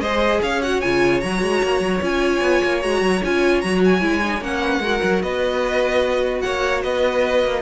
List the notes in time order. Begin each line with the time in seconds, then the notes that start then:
0.00 G#3 G#4 C5 D#5
0.43 C#4 C#5 F5
0.62 F#4 F#5
0.81 C#3 F4 G#5
1.21 F#3 F#4 A#5
1.42 G#3
1.64 A#3
1.80 F#3
2.02 C#4 F4 G#5
2.42 B3
2.64 A#3
2.82 G#3 F#4 A#5
3.01 F#3
3.25 C#4 F4 G#5
3.61 F#3 F#4 A#5
3.85 G#5
4.02 G#3 E4
4.23 D#4
4.41 A#3 C#4 F#5
4.61 B4
4.80 G#3 F#4 A#4
5.03 F#3
5.22 B3 B4 D#5
6.41 A#3 C#5 F#5
6.84 B3 B4 D#5
7.45 A#3